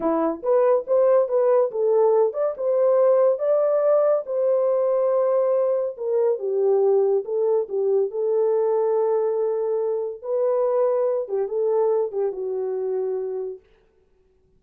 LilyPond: \new Staff \with { instrumentName = "horn" } { \time 4/4 \tempo 4 = 141 e'4 b'4 c''4 b'4 | a'4. d''8 c''2 | d''2 c''2~ | c''2 ais'4 g'4~ |
g'4 a'4 g'4 a'4~ | a'1 | b'2~ b'8 g'8 a'4~ | a'8 g'8 fis'2. | }